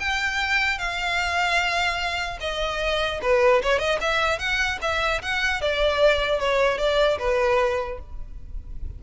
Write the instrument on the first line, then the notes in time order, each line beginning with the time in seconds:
violin
0.00 G5
0.79 F5
2.41 D#5
3.22 B4
3.63 C#5
3.79 D#5
4.01 E5
4.39 F#5
4.82 E5
5.22 F#5
5.62 D5
6.40 C#5
6.78 D5
7.19 B4